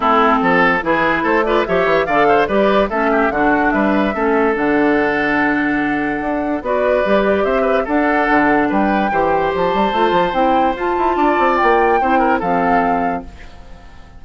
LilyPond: <<
  \new Staff \with { instrumentName = "flute" } { \time 4/4 \tempo 4 = 145 a'2 b'4 c''8 d''8 | e''4 f''4 d''4 e''4 | fis''4 e''2 fis''4~ | fis''1 |
d''2 e''4 fis''4~ | fis''4 g''2 a''4~ | a''4 g''4 a''2 | g''2 f''2 | }
  \new Staff \with { instrumentName = "oboe" } { \time 4/4 e'4 a'4 gis'4 a'8 b'8 | cis''4 d''8 c''8 b'4 a'8 g'8 | fis'4 b'4 a'2~ | a'1 |
b'2 c''8 b'8 a'4~ | a'4 b'4 c''2~ | c''2. d''4~ | d''4 c''8 ais'8 a'2 | }
  \new Staff \with { instrumentName = "clarinet" } { \time 4/4 c'2 e'4. f'8 | g'4 a'4 g'4 cis'4 | d'2 cis'4 d'4~ | d'1 |
fis'4 g'2 d'4~ | d'2 g'2 | f'4 e'4 f'2~ | f'4 e'4 c'2 | }
  \new Staff \with { instrumentName = "bassoon" } { \time 4/4 a4 f4 e4 a4 | f8 e8 d4 g4 a4 | d4 g4 a4 d4~ | d2. d'4 |
b4 g4 c'4 d'4 | d4 g4 e4 f8 g8 | a8 f8 c'4 f'8 e'8 d'8 c'8 | ais4 c'4 f2 | }
>>